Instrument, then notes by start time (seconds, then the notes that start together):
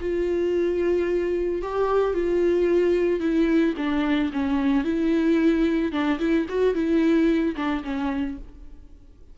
viola
0.00 F4
1.62 G4
2.14 F4
3.20 E4
3.77 D4
4.32 C#4
4.84 E4
5.92 D4
6.19 E4
6.48 F#4
6.74 E4
7.56 D4
7.84 C#4